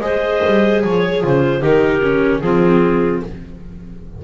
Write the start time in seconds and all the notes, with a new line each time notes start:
0.00 G#3 G#4 C5 D#5
0.46 G3
0.82 F3 C#5
1.22 C#3 F4 C5
1.60 D#3 D#4 G4 A#4
2.02 C#4
2.40 F3 C4 F4 G#4